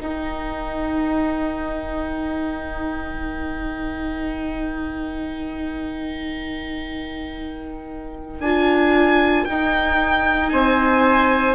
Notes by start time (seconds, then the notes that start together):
0.00 D#4 A#4 G5
3.14 D#3
8.39 D4 F4 G#5
9.45 D#4 G5
10.50 C4 C5 G#5